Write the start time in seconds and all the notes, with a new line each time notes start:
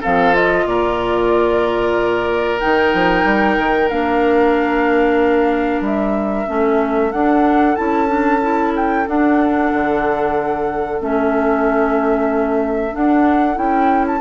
0.00 F3 C4 A4 F5
0.33 F4 D#5
0.65 A#2 A#4 D5
2.59 D#3 D#4 G5
2.93 F3
3.24 G3
3.58 D#3
3.88 A#3 D4 F5
5.81 G3 E5
6.47 A3 C#4 A4
7.11 D4 F#5
7.75 C#4 E4 A5
8.07 D4
8.41 E4
8.75 G5
9.07 D4 F#5
9.72 D3
10.99 A3 C#4 E5
12.91 D4 F#5
13.54 C#4 E4 G5
14.07 A5